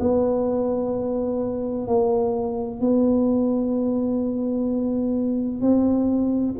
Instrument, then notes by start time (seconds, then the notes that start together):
tuba
0.00 B3
1.87 A#3
2.80 B3
5.61 C4